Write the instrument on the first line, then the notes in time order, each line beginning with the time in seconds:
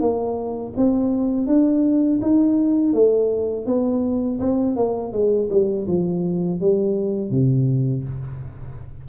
tuba
0.00 A#3
0.76 C4
1.46 D4
2.21 D#4
2.93 A3
3.66 B3
4.39 C4
4.76 A#3
5.12 G#3
5.50 G3
5.87 F3
6.60 G3
7.30 C3